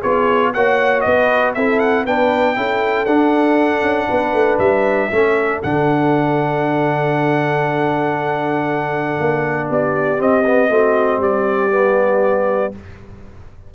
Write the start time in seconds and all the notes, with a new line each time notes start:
0.00 B3 F4 G#4 C#5
0.54 A#3 F#4 C#5 F#5
1.01 B3 B4 D#5
1.55 C4 E4 A4 E5
1.80 F#5
2.05 B3 D4 B4 G5
2.56 C#4 E4 A4
3.06 D4 F#5
3.82 C#4
4.08 B3 B4
4.33 A3
4.59 G3 E5
5.10 A3 C#4 A4
5.63 D3 D4 F#5
9.20 A#3
9.70 B3 G4 D5
10.18 C4 D#5
10.46 B3
10.69 A3 C4 F#4
11.18 G3 G4 D5
11.71 B3